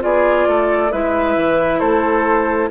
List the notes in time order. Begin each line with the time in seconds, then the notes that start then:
0.00 B3 F4 G#4 D5
0.47 A3 A4
0.92 G#3 E4 B4 E5
1.37 E3
1.79 A3 A4 C5